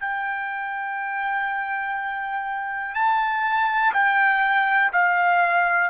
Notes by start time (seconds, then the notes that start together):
0.00 G5
2.94 A5
3.93 G5
4.93 F5